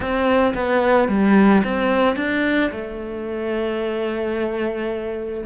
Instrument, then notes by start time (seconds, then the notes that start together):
cello
0.00 C4
0.54 B3
1.08 G3
1.64 C4
2.16 D4
2.71 A3